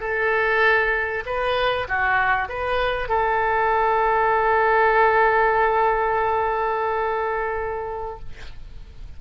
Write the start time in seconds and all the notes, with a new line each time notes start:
0.00 A4
1.26 B4
1.88 F#4
2.49 B4
3.08 A4